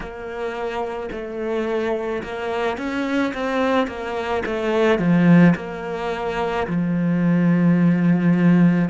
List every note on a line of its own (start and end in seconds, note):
0.00 1.09 A#3
1.11 2.22 A3
2.23 2.77 A#3
2.77 3.33 C#4
3.33 3.87 C4
3.87 4.42 A#3
4.45 4.98 A3
4.98 5.54 F3
5.56 6.67 A#3
6.67 8.89 F3